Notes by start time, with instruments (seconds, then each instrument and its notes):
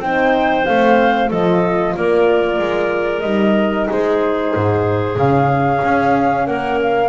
0.00 double bass C4, horn D#4, clarinet C5, flute G5
0.66 double bass A3, horn C4, flute F5
1.30 double bass F3, horn F4, clarinet A4, flute D#5
1.96 double bass A#3, clarinet A#4, flute D5
2.59 double bass G#3
3.21 double bass G3, horn D#4, flute D#5
3.90 double bass G#3, clarinet G#4, flute C5
4.56 double bass G#2
5.17 double bass C#3, horn C#4, flute F5
5.84 double bass C#4
6.47 double bass A#3, clarinet A#4, flute F#5
6.82 flute F5